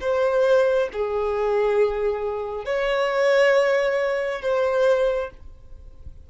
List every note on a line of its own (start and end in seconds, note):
0.00 0.88 C5
0.92 2.65 G#4
2.65 4.41 C#5
4.42 5.30 C5